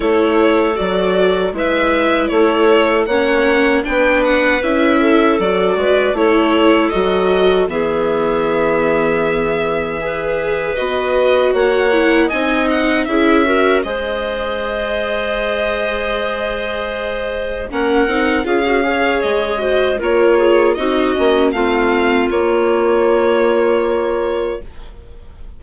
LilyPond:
<<
  \new Staff \with { instrumentName = "violin" } { \time 4/4 \tempo 4 = 78 cis''4 d''4 e''4 cis''4 | fis''4 g''8 fis''8 e''4 d''4 | cis''4 dis''4 e''2~ | e''2 dis''4 fis''4 |
gis''8 fis''8 e''4 dis''2~ | dis''2. fis''4 | f''4 dis''4 cis''4 dis''4 | f''4 cis''2. | }
  \new Staff \with { instrumentName = "clarinet" } { \time 4/4 a'2 b'4 a'4 | cis''4 b'4. a'4 b'8 | a'2 gis'2~ | gis'4 b'2 cis''4 |
dis''4 gis'8 ais'8 c''2~ | c''2. ais'4 | gis'8 cis''4 c''8 ais'8 gis'8 fis'4 | f'1 | }
  \new Staff \with { instrumentName = "viola" } { \time 4/4 e'4 fis'4 e'2 | cis'4 d'4 e'4 fis'4 | e'4 fis'4 b2~ | b4 gis'4 fis'4. e'8 |
dis'4 e'8 fis'8 gis'2~ | gis'2. cis'8 dis'8 | f'16 fis'16 gis'4 fis'8 f'4 dis'8 cis'8 | c'4 ais2. | }
  \new Staff \with { instrumentName = "bassoon" } { \time 4/4 a4 fis4 gis4 a4 | ais4 b4 cis'4 fis8 gis8 | a4 fis4 e2~ | e2 b4 ais4 |
c'4 cis'4 gis2~ | gis2. ais8 c'8 | cis'4 gis4 ais4 c'8 ais8 | a4 ais2. | }
>>